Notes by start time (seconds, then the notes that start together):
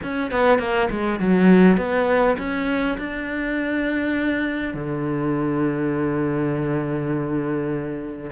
0.02 C#4
0.31 B3
0.59 A#3
0.90 G#3
1.19 F#3
1.77 B3
2.38 C#4
2.97 D4
4.74 D3